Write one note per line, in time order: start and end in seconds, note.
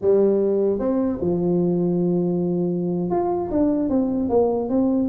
0.01 0.79 G3
0.79 1.19 C4
1.21 3.10 F3
3.10 3.50 F4
3.50 3.89 D4
3.89 4.29 C4
4.29 4.69 A#3
4.69 5.08 C4